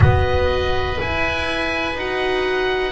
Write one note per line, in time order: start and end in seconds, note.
0.00 0.98 B3
0.00 0.97 F#4
0.00 2.92 B4
0.00 1.00 D#5
0.97 1.95 E4
0.97 1.94 E4
0.97 1.99 G#5
1.94 2.92 D#4
1.94 2.92 F#4
1.94 2.92 F#5